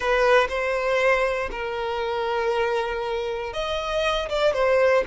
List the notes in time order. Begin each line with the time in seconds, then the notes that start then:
0.00 B4
0.48 C5
1.51 A#4
3.53 D#5
4.29 D5
4.53 C5